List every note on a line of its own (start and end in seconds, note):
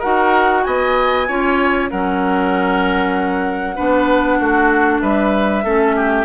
0.00 0.67 D#4
0.00 1.28 F#4
0.00 0.62 A#4
0.00 0.64 F#5
0.64 1.29 B3
0.64 1.28 D#5
0.64 1.89 G#5
1.28 1.92 C#4
1.28 1.91 F4
1.28 1.90 C#5
1.91 3.79 F#3
1.91 3.76 C#4
1.91 3.76 A#4
1.91 5.02 F#5
3.76 4.41 B3
3.76 5.64 D4
3.76 4.39 B4
4.40 5.02 A3
4.40 5.02 F#4
5.02 5.65 G3
5.02 5.64 B4
5.02 6.26 E5
5.64 6.26 A3
5.64 6.26 C#4
5.64 5.96 A4
5.96 6.26 G4